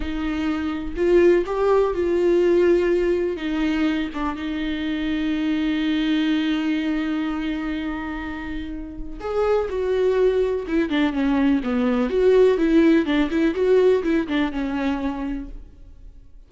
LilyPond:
\new Staff \with { instrumentName = "viola" } { \time 4/4 \tempo 4 = 124 dis'2 f'4 g'4 | f'2. dis'4~ | dis'8 d'8 dis'2.~ | dis'1~ |
dis'2. gis'4 | fis'2 e'8 d'8 cis'4 | b4 fis'4 e'4 d'8 e'8 | fis'4 e'8 d'8 cis'2 | }